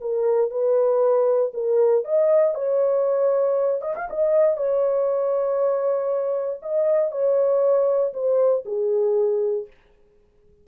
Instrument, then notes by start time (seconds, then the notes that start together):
horn
0.00 A#4
0.50 B4
1.53 A#4
2.04 D#5
2.54 C#5
3.81 D#5
3.95 F5
4.09 D#5
4.57 C#5
6.62 D#5
7.11 C#5
8.13 C5
8.65 G#4